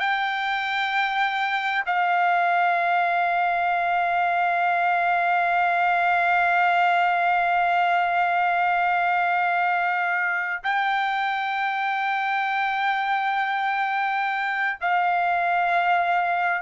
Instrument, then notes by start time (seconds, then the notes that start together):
trumpet
0.00 G5
1.86 F5
10.64 G5
14.81 F5